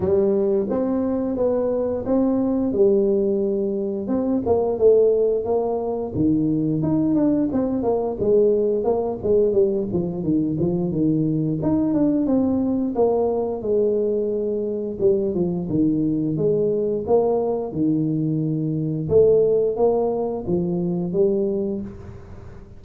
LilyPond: \new Staff \with { instrumentName = "tuba" } { \time 4/4 \tempo 4 = 88 g4 c'4 b4 c'4 | g2 c'8 ais8 a4 | ais4 dis4 dis'8 d'8 c'8 ais8 | gis4 ais8 gis8 g8 f8 dis8 f8 |
dis4 dis'8 d'8 c'4 ais4 | gis2 g8 f8 dis4 | gis4 ais4 dis2 | a4 ais4 f4 g4 | }